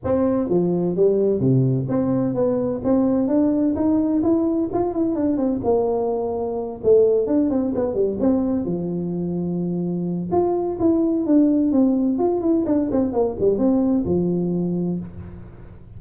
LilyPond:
\new Staff \with { instrumentName = "tuba" } { \time 4/4 \tempo 4 = 128 c'4 f4 g4 c4 | c'4 b4 c'4 d'4 | dis'4 e'4 f'8 e'8 d'8 c'8 | ais2~ ais8 a4 d'8 |
c'8 b8 g8 c'4 f4.~ | f2 f'4 e'4 | d'4 c'4 f'8 e'8 d'8 c'8 | ais8 g8 c'4 f2 | }